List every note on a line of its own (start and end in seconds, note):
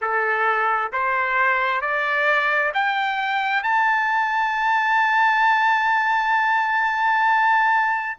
0.01 0.92 A4
0.92 1.81 C5
1.81 2.72 D5
2.74 3.63 G5
3.63 8.17 A5